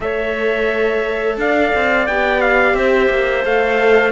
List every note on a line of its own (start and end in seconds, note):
0.00 1.37 A3
0.00 2.07 A4
0.00 1.39 C#5
0.00 1.38 E5
1.37 1.71 D4
1.37 2.76 D5
1.37 2.06 F5
1.74 2.08 C4
2.06 2.74 B3
2.06 3.42 G4
2.06 2.41 G5
2.41 2.75 F5
2.74 3.08 C4
2.74 4.12 C5
2.74 3.44 E5
3.10 3.44 A#3
3.42 4.12 A3
3.42 4.11 A4
3.42 4.12 F5